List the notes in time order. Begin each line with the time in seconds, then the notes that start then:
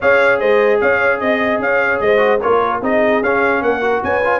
0.00 C#4 G#4 C#5 F5
0.39 G#3 C5 D#5
0.80 C#4 C#5 F5
1.20 C4 D#5
1.59 C#4 C#5 F5
2.00 G#3 C5 D#5
2.17 F#4
2.41 A#3 F4 A#4 C#5
2.81 C4 D#4 G#4 D#5
3.21 C#4 F5
3.61 A#3 A#4 F#5
3.81 F#4
4.03 C#4 B4 G#5
4.24 F4